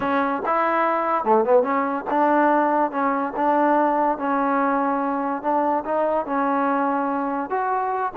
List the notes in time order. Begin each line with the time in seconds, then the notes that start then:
0.00 C#4
0.45 E4
1.24 A3
1.44 B3
1.62 C#4
2.10 D4
2.91 C#4
3.36 D4
4.18 C#4
5.42 D4
5.84 D#4
6.26 C#4
7.49 F#4